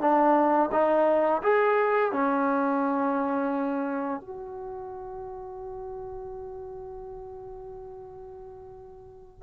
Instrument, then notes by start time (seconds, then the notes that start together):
trombone
0.00 D4
0.72 D#4
1.42 G#4
2.12 C#4
4.21 F#4